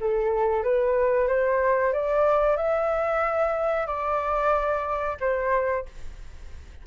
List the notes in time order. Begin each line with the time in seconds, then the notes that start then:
0.00 A4
0.63 B4
1.27 C5
1.93 D5
2.56 E5
3.86 D5
5.20 C5